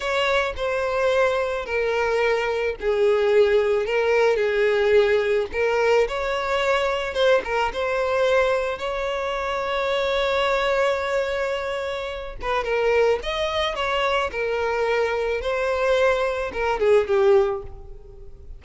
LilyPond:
\new Staff \with { instrumentName = "violin" } { \time 4/4 \tempo 4 = 109 cis''4 c''2 ais'4~ | ais'4 gis'2 ais'4 | gis'2 ais'4 cis''4~ | cis''4 c''8 ais'8 c''2 |
cis''1~ | cis''2~ cis''8 b'8 ais'4 | dis''4 cis''4 ais'2 | c''2 ais'8 gis'8 g'4 | }